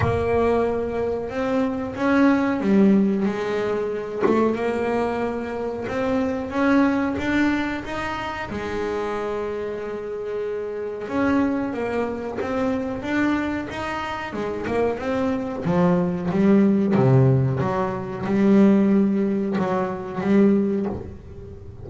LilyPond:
\new Staff \with { instrumentName = "double bass" } { \time 4/4 \tempo 4 = 92 ais2 c'4 cis'4 | g4 gis4. a8 ais4~ | ais4 c'4 cis'4 d'4 | dis'4 gis2.~ |
gis4 cis'4 ais4 c'4 | d'4 dis'4 gis8 ais8 c'4 | f4 g4 c4 fis4 | g2 fis4 g4 | }